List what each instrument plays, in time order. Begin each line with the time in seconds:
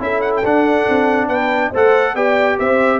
0.00 tuba C#4, trombone E4, horn A4, trumpet E5
0.21 trumpet F#5
0.36 trumpet G5
0.43 tuba D4, trombone D4, trumpet F#5
0.89 tuba C4
1.28 tuba B3, horn B4, trumpet G5
1.70 tuba A3, trombone A4, horn C5
1.76 trumpet F#5
2.15 tuba B3, trombone G4, horn D5, trumpet G5
2.59 tuba C4, horn C5, trumpet E5